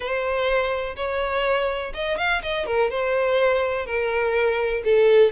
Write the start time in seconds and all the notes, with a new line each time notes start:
0.00 C5
0.96 C#5
1.94 D#5
2.17 F5
2.42 D#5
2.66 A#4
2.90 C5
3.86 A#4
4.84 A4